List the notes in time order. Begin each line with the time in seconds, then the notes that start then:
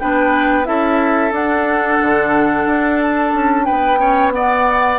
0.00 B3 D4 B4 G5
0.65 C#4 E4 A4 E5
1.32 D4 F#5
2.02 D3
2.67 D4
3.02 A5
3.34 C#4
3.65 B4 G5
3.71 B3
3.99 C#4 C#5
4.32 B3 D5 F#5